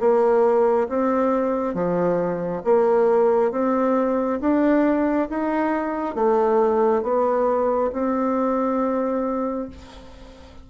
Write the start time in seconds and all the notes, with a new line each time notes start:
0.00 A#3
0.89 C4
1.74 F3
2.65 A#3
3.52 C4
4.41 D4
5.30 D#4
6.15 A3
7.03 B3
7.93 C4